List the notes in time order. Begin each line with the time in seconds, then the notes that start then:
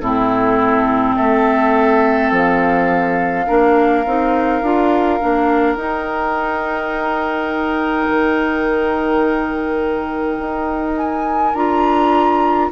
0.00 A2 C4 E4 A4
1.15 A3 A4 E5
2.31 F3 F5
3.47 A#3 D4 A#4
4.06 C4 D#4
4.62 D4 F4
5.20 A#3 D4
5.74 D#4 G5
8.08 D#3
10.39 D#4
10.97 G#5
11.54 D4 F4 A#5